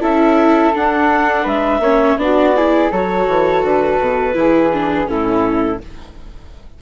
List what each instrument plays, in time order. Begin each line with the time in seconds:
0.00 bassoon C#4, viola E4, flute A4, clarinet E5
0.74 viola D4, bassoon D4, clarinet F#5
1.43 bassoon G#3, flute B4, clarinet E5
1.79 bassoon A#3, viola C#4, flute C#5
2.17 bassoon B3, viola D4, flute F#4, clarinet D5
2.56 viola E4, flute G#4
2.91 bassoon F#3, viola F#4, flute A4, clarinet C#5
3.27 bassoon E3
3.63 bassoon D3, clarinet B4
3.99 bassoon B2
4.34 bassoon E3, viola E4, flute G#4
4.73 viola D4
5.07 bassoon A2, viola C#4, flute E4, clarinet A4